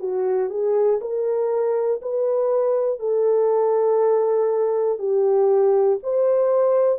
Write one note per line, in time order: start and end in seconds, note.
0.00 0.50 F#4
0.50 1.00 G#4
1.01 2.01 A#4
2.02 3.00 B4
3.00 4.99 A4
4.99 5.99 G4
6.03 6.99 C5